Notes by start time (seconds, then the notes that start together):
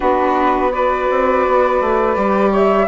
0.00 B3 D4 F#4 B4
0.71 F#4 B4 D5
1.10 C4
1.46 B3
1.80 A3
2.15 G3 G4
2.50 C#5 E5